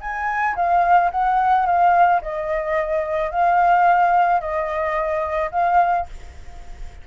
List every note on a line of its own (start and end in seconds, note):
0.00 0.55 G#5
0.55 1.10 F5
1.11 1.65 F#5
1.65 2.20 F5
2.21 3.31 D#5
3.31 4.40 F5
4.40 5.50 D#5
5.51 6.06 F5